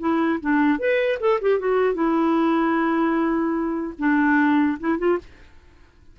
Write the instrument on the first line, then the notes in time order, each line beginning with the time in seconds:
clarinet
0.00 E4
0.41 D4
0.79 B4
1.20 A4
1.42 G4
1.59 F#4
1.94 E4
3.99 D4
4.80 E4
4.99 F4